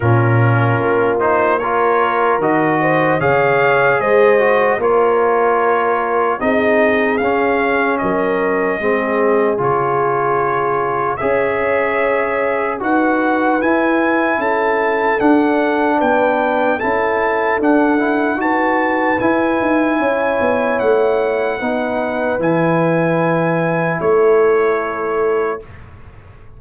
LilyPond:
<<
  \new Staff \with { instrumentName = "trumpet" } { \time 4/4 \tempo 4 = 75 ais'4. c''8 cis''4 dis''4 | f''4 dis''4 cis''2 | dis''4 f''4 dis''2 | cis''2 e''2 |
fis''4 gis''4 a''4 fis''4 | g''4 a''4 fis''4 a''4 | gis''2 fis''2 | gis''2 cis''2 | }
  \new Staff \with { instrumentName = "horn" } { \time 4/4 f'2 ais'4. c''8 | cis''4 c''4 ais'2 | gis'2 ais'4 gis'4~ | gis'2 cis''2 |
b'2 a'2 | b'4 a'2 b'4~ | b'4 cis''2 b'4~ | b'2 a'2 | }
  \new Staff \with { instrumentName = "trombone" } { \time 4/4 cis'4. dis'8 f'4 fis'4 | gis'4. fis'8 f'2 | dis'4 cis'2 c'4 | f'2 gis'2 |
fis'4 e'2 d'4~ | d'4 e'4 d'8 e'8 fis'4 | e'2. dis'4 | e'1 | }
  \new Staff \with { instrumentName = "tuba" } { \time 4/4 ais,4 ais2 dis4 | cis4 gis4 ais2 | c'4 cis'4 fis4 gis4 | cis2 cis'2 |
dis'4 e'4 cis'4 d'4 | b4 cis'4 d'4 dis'4 | e'8 dis'8 cis'8 b8 a4 b4 | e2 a2 | }
>>